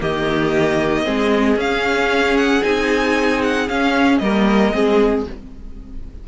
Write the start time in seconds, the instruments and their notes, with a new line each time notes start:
0.00 cello D#3, viola A#3, violin G4 D#5
1.04 cello G#3, viola C4, violin G#4
1.56 cello C#4, viola C#4, violin F5
2.37 violin F#5
2.63 cello C4, viola D#4, violin G#5
3.43 violin F#5
3.69 viola C#4, cello C#4, violin F5
4.19 cello G3, viola A#3, violin A#4 D#5
4.73 cello G#3, viola C4, violin G#4